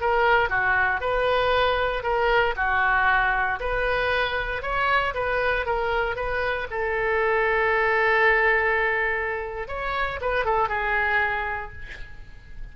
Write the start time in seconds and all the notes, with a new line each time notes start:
0.00 A#4
0.49 F#4
1.00 B4
2.02 A#4
2.56 F#4
3.59 B4
4.62 C#5
5.14 B4
5.65 A#4
6.16 B4
6.70 A4
9.67 C#5
10.21 B4
10.44 A4
10.68 G#4